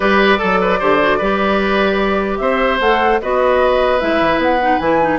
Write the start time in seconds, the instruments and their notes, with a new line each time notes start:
0.00 bassoon G3, clarinet G4, oboe B4, flute D5
0.38 bassoon F#3, oboe A4, clarinet A4
0.61 oboe B4
0.79 bassoon D3, clarinet G4, oboe C5
1.00 clarinet F#4
1.18 bassoon G3, clarinet G4, oboe B4
2.38 bassoon C4, oboe C5, flute E5
2.79 bassoon A3, clarinet A4, flute F#5
3.21 bassoon B3, clarinet F#4, oboe B4, flute D#5
3.99 bassoon G#3, clarinet E4, flute E5
4.20 bassoon E3
4.38 bassoon B3, flute F#5
4.61 clarinet D#4
4.78 bassoon E3, clarinet E4, flute G#5
5.01 clarinet D#4